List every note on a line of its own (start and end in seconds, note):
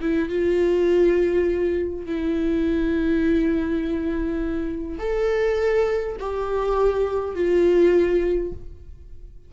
0.00 0.29 E4
0.29 2.05 F4
2.05 4.99 E4
4.99 6.16 A4
6.19 7.35 G4
7.35 8.52 F4